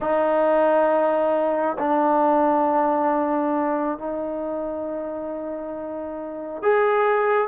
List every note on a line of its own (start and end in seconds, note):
0.00 1.77 D#4
1.79 3.98 D4
3.98 6.62 D#4
6.62 7.48 G#4